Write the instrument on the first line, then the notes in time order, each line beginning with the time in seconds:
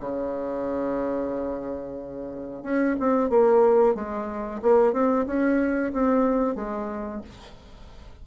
bassoon
0.00 C#3
2.63 C#4
2.99 C4
3.30 A#3
3.95 G#3
4.62 A#3
4.93 C4
5.27 C#4
5.93 C4
6.55 G#3